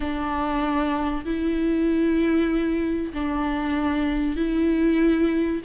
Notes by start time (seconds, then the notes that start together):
0.00 D4
1.25 E4
3.13 D4
4.36 E4